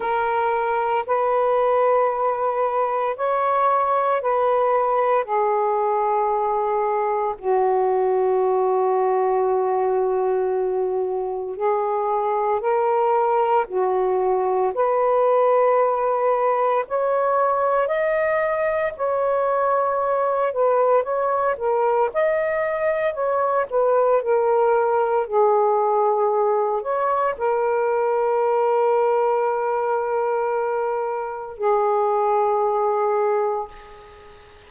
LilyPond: \new Staff \with { instrumentName = "saxophone" } { \time 4/4 \tempo 4 = 57 ais'4 b'2 cis''4 | b'4 gis'2 fis'4~ | fis'2. gis'4 | ais'4 fis'4 b'2 |
cis''4 dis''4 cis''4. b'8 | cis''8 ais'8 dis''4 cis''8 b'8 ais'4 | gis'4. cis''8 ais'2~ | ais'2 gis'2 | }